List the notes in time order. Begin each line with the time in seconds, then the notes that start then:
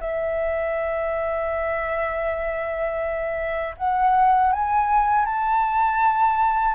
0.00 E5
3.77 F#5
4.52 G#5
5.25 A5